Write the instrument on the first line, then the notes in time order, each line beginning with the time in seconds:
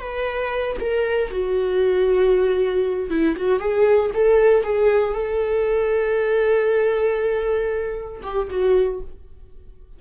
viola
0.00 B4
0.80 A#4
1.31 F#4
3.10 E4
3.36 F#4
3.60 G#4
4.14 A4
4.64 G#4
5.14 A4
8.23 G4
8.50 F#4